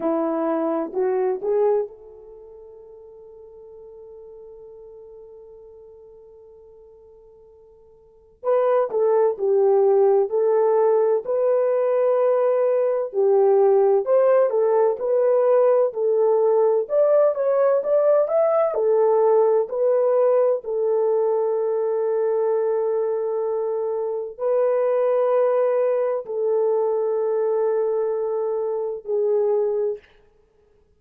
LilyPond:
\new Staff \with { instrumentName = "horn" } { \time 4/4 \tempo 4 = 64 e'4 fis'8 gis'8 a'2~ | a'1~ | a'4 b'8 a'8 g'4 a'4 | b'2 g'4 c''8 a'8 |
b'4 a'4 d''8 cis''8 d''8 e''8 | a'4 b'4 a'2~ | a'2 b'2 | a'2. gis'4 | }